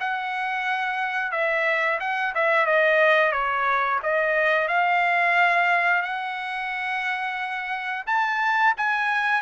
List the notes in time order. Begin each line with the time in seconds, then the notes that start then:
0.00 F#5
1.31 E5
2.00 F#5
2.34 E5
2.66 D#5
3.32 C#5
4.03 D#5
4.68 F5
6.02 F#5
8.07 A5
8.77 G#5